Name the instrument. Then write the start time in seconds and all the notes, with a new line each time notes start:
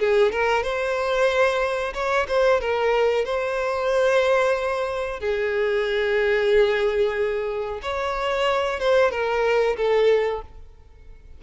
violin
0.00 G#4
0.32 A#4
0.64 C5
1.94 C#5
2.28 C5
2.61 A#4
3.25 C5
5.20 G#4
7.83 C#5
8.80 C5
9.12 A#4
9.77 A4